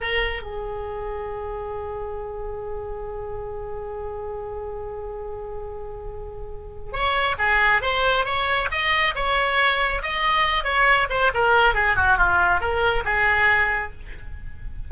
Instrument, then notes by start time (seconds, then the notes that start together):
oboe
0.00 A#4
0.42 G#4
6.92 C#5
7.38 G#4
7.81 C5
8.25 C#5
8.71 D#5
9.15 C#5
10.02 D#5
10.64 C#5
11.09 C5
11.34 A#4
11.74 G#4
11.95 F#4
12.17 F4
12.60 A#4
13.04 G#4